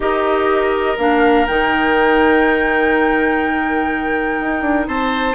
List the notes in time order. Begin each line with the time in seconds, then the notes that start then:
0.00 D#4 G4 A#4 D#5
0.97 A#3 D4 F5
1.46 D#3 D#4 G5
4.40 D#4
4.61 D4
4.87 C4 C5 A5